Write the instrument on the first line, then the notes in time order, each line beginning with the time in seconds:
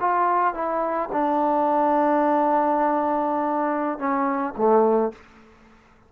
trombone
0.00 F4
0.55 E4
1.12 D4
3.99 C#4
4.57 A3